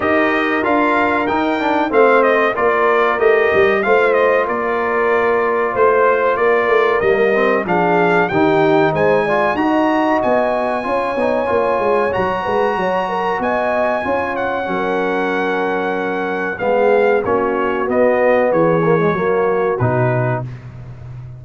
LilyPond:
<<
  \new Staff \with { instrumentName = "trumpet" } { \time 4/4 \tempo 4 = 94 dis''4 f''4 g''4 f''8 dis''8 | d''4 dis''4 f''8 dis''8 d''4~ | d''4 c''4 d''4 dis''4 | f''4 g''4 gis''4 ais''4 |
gis''2. ais''4~ | ais''4 gis''4. fis''4.~ | fis''2 f''4 cis''4 | dis''4 cis''2 b'4 | }
  \new Staff \with { instrumentName = "horn" } { \time 4/4 ais'2. c''4 | ais'2 c''4 ais'4~ | ais'4 c''4 ais'2 | gis'4 g'4 c''8 d''8 dis''4~ |
dis''4 cis''2~ cis''8 b'8 | cis''8 ais'8 dis''4 cis''4 ais'4~ | ais'2 gis'4 fis'4~ | fis'4 gis'4 fis'2 | }
  \new Staff \with { instrumentName = "trombone" } { \time 4/4 g'4 f'4 dis'8 d'8 c'4 | f'4 g'4 f'2~ | f'2. ais8 c'8 | d'4 dis'4. f'8 fis'4~ |
fis'4 f'8 dis'8 f'4 fis'4~ | fis'2 f'4 cis'4~ | cis'2 b4 cis'4 | b4. ais16 gis16 ais4 dis'4 | }
  \new Staff \with { instrumentName = "tuba" } { \time 4/4 dis'4 d'4 dis'4 a4 | ais4 a8 g8 a4 ais4~ | ais4 a4 ais8 a8 g4 | f4 dis4 gis4 dis'4 |
b4 cis'8 b8 ais8 gis8 fis8 gis8 | fis4 b4 cis'4 fis4~ | fis2 gis4 ais4 | b4 e4 fis4 b,4 | }
>>